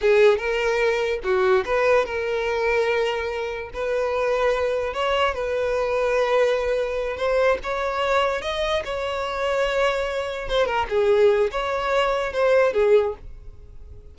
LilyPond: \new Staff \with { instrumentName = "violin" } { \time 4/4 \tempo 4 = 146 gis'4 ais'2 fis'4 | b'4 ais'2.~ | ais'4 b'2. | cis''4 b'2.~ |
b'4. c''4 cis''4.~ | cis''8 dis''4 cis''2~ cis''8~ | cis''4. c''8 ais'8 gis'4. | cis''2 c''4 gis'4 | }